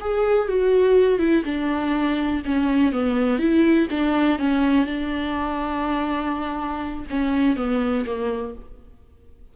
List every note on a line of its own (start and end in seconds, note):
0.00 0.48 G#4
0.48 1.19 F#4
1.19 1.43 E4
1.45 2.42 D4
2.45 2.92 C#4
2.92 3.38 B3
3.38 3.87 E4
3.90 4.38 D4
4.38 4.86 C#4
4.86 7.05 D4
7.10 7.56 C#4
7.56 8.05 B3
8.06 8.54 A#3